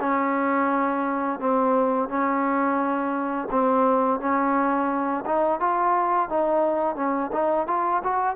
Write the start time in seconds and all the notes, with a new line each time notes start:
0.00 C#4
1.40 C4
2.09 C#4
3.51 C4
4.20 C#4
5.25 D#4
5.60 F4
6.29 D#4
6.95 C#4
7.32 D#4
7.67 F4
8.03 F#4